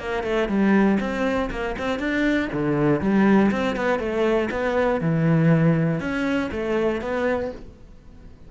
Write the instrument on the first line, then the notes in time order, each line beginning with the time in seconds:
cello
0.00 A#3
0.24 A3
0.49 G3
1.00 C4
1.51 A#3
1.79 C4
2.00 D4
2.53 D3
3.01 G3
3.52 C4
3.76 B3
4.00 A3
4.51 B3
5.01 E3
6.00 C#4
6.52 A3
7.01 B3